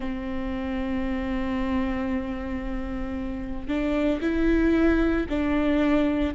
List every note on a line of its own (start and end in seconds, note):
0.00 3.67 C4
3.67 4.20 D4
4.21 5.26 E4
5.29 6.34 D4